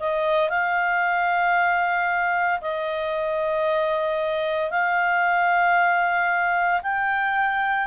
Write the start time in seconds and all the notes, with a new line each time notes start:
0.00 D#5
0.50 F5
2.61 D#5
4.71 F5
6.83 G5